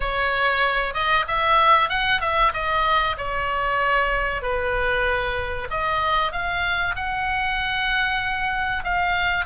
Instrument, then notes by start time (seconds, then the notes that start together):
oboe
0.00 C#5
0.93 D#5
1.27 E5
1.89 F#5
2.20 E5
2.53 D#5
3.17 C#5
4.42 B4
5.70 D#5
6.32 F5
6.95 F#5
8.84 F5